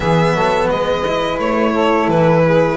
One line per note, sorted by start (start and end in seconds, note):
0.00 0.34 E3
0.00 1.03 B3
0.00 0.35 G#4
0.00 0.69 E5
0.34 0.69 F#3
0.34 0.69 A4
0.69 1.38 G#3
0.69 1.72 B4
0.69 1.39 D#5
1.08 2.76 E4
1.38 2.07 A3
1.38 2.09 C#5
1.72 2.42 A4
2.07 2.76 E3
2.07 2.76 B4
2.44 2.76 G#4